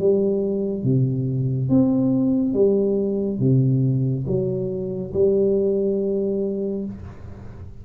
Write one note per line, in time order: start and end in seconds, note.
0.00 0.84 G3
0.84 1.69 C3
1.70 2.54 C4
2.54 3.40 G3
3.40 4.25 C3
4.27 5.13 F#3
5.14 6.86 G3